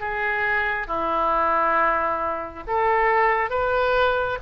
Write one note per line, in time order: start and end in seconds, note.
0.00 0.87 G#4
0.87 2.64 E4
2.67 3.50 A4
3.50 4.38 B4